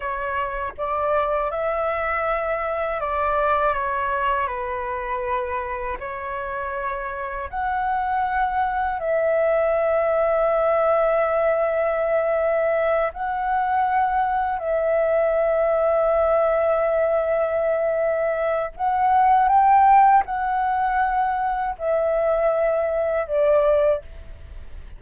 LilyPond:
\new Staff \with { instrumentName = "flute" } { \time 4/4 \tempo 4 = 80 cis''4 d''4 e''2 | d''4 cis''4 b'2 | cis''2 fis''2 | e''1~ |
e''4. fis''2 e''8~ | e''1~ | e''4 fis''4 g''4 fis''4~ | fis''4 e''2 d''4 | }